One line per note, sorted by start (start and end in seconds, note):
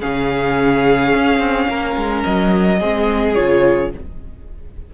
0.00 1.15 C#3
0.00 2.79 C#4
0.00 1.67 G#4
0.00 2.23 F5
1.16 1.39 C#4
1.39 1.67 C4
1.68 1.96 A#3
1.68 2.79 A#4
1.96 2.24 G#3
2.24 2.81 F#3
2.24 3.35 D#5
2.79 3.37 G#3
2.79 3.36 C4
2.79 3.90 G#4
3.35 3.94 C#3
3.35 3.92 F4
3.35 3.90 C#5